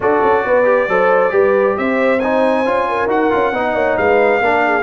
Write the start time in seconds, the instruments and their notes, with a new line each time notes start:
0.00 tuba D4, trombone F#4, horn A4, trumpet D5
0.22 tuba C#4
0.44 tuba B3, horn B4
0.64 trombone G4
0.88 tuba F#3, trombone A4, horn C5
1.30 tuba G3, trombone G4, horn B4
1.77 tuba C4, horn C5, trumpet E5
2.19 trombone D#4, trumpet G#5
2.65 tuba C#4, trombone F4
2.88 horn A#4
3.06 tuba D#4, trombone F#4, trumpet F#5
3.30 tuba C#4, trombone F4
3.52 tuba B3, trombone D#4, horn D#5
3.74 tuba A#3, horn C#5
3.97 tuba G#3, horn B4, trumpet F5
4.40 tuba A#3, trombone D4, horn A#4
4.65 horn G#4